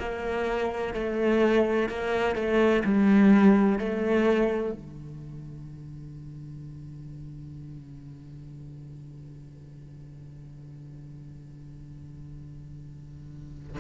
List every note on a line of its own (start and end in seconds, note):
0.00 0.94 A#3
0.94 1.89 A3
1.89 2.35 A#3
2.35 2.83 A3
2.85 3.79 G3
3.79 4.73 A3
4.73 13.77 D3